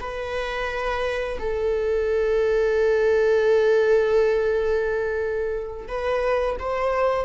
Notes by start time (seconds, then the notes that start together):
0.00 B4
1.39 A4
5.87 B4
6.59 C5